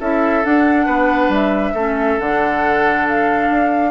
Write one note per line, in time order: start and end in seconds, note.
0.00 0.44 C#4
0.00 0.43 E4
0.00 0.86 A4
0.00 0.45 E5
0.43 1.75 D4
0.43 0.87 D4
0.43 1.32 F#5
0.86 1.28 B3
0.86 1.73 B4
1.28 1.72 G3
1.28 2.20 E5
1.74 2.18 A3
1.74 2.20 C#4
1.74 3.91 A4
2.20 3.50 D3
2.20 3.91 D4
2.20 3.07 F#5
3.08 3.91 F5
3.50 3.91 D4